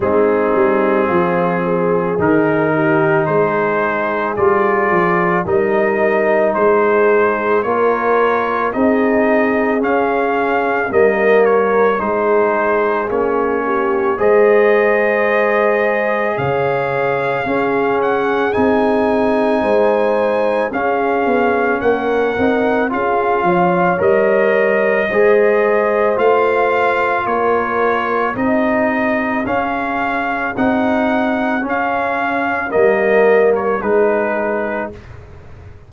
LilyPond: <<
  \new Staff \with { instrumentName = "trumpet" } { \time 4/4 \tempo 4 = 55 gis'2 ais'4 c''4 | d''4 dis''4 c''4 cis''4 | dis''4 f''4 dis''8 cis''8 c''4 | cis''4 dis''2 f''4~ |
f''8 fis''8 gis''2 f''4 | fis''4 f''4 dis''2 | f''4 cis''4 dis''4 f''4 | fis''4 f''4 dis''8. cis''16 b'4 | }
  \new Staff \with { instrumentName = "horn" } { \time 4/4 dis'4 f'8 gis'4 g'8 gis'4~ | gis'4 ais'4 gis'4 ais'4 | gis'2 ais'4 gis'4~ | gis'8 g'8 c''2 cis''4 |
gis'2 c''4 gis'4 | ais'4 gis'8 cis''4. c''4~ | c''4 ais'4 gis'2~ | gis'2 ais'4 gis'4 | }
  \new Staff \with { instrumentName = "trombone" } { \time 4/4 c'2 dis'2 | f'4 dis'2 f'4 | dis'4 cis'4 ais4 dis'4 | cis'4 gis'2. |
cis'4 dis'2 cis'4~ | cis'8 dis'8 f'4 ais'4 gis'4 | f'2 dis'4 cis'4 | dis'4 cis'4 ais4 dis'4 | }
  \new Staff \with { instrumentName = "tuba" } { \time 4/4 gis8 g8 f4 dis4 gis4 | g8 f8 g4 gis4 ais4 | c'4 cis'4 g4 gis4 | ais4 gis2 cis4 |
cis'4 c'4 gis4 cis'8 b8 | ais8 c'8 cis'8 f8 g4 gis4 | a4 ais4 c'4 cis'4 | c'4 cis'4 g4 gis4 | }
>>